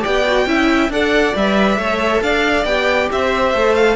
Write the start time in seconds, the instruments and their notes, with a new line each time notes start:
0.00 cello B3, viola G4, violin D5 G5
0.26 viola F#4
0.45 cello C#4, viola E4, violin E5
0.89 cello D4, viola A4, violin D5 F#5
1.35 cello G3, viola B4, violin E5
1.77 cello A3, viola A4, violin C#5
2.22 cello D4, violin D5 F5
2.64 cello B3, viola G4, violin G5
3.12 cello C4, violin C5 E5
3.53 cello A3, viola A4
3.75 violin F5